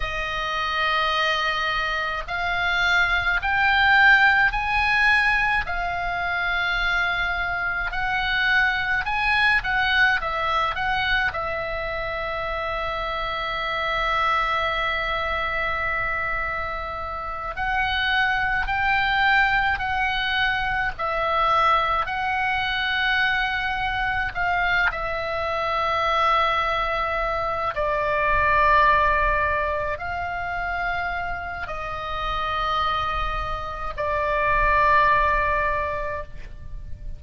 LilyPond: \new Staff \with { instrumentName = "oboe" } { \time 4/4 \tempo 4 = 53 dis''2 f''4 g''4 | gis''4 f''2 fis''4 | gis''8 fis''8 e''8 fis''8 e''2~ | e''2.~ e''8 fis''8~ |
fis''8 g''4 fis''4 e''4 fis''8~ | fis''4. f''8 e''2~ | e''8 d''2 f''4. | dis''2 d''2 | }